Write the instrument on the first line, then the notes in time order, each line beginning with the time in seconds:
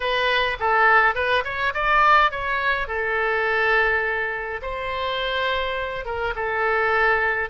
oboe
0.00 B4
0.59 A4
1.15 B4
1.44 C#5
1.74 D5
2.31 C#5
2.87 A4
4.62 C5
6.05 A#4
6.35 A4